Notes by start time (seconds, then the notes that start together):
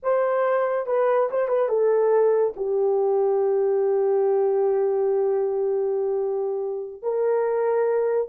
0.02 C5
0.86 B4
1.30 C5
1.48 B4
1.68 A4
2.56 G4
7.02 A#4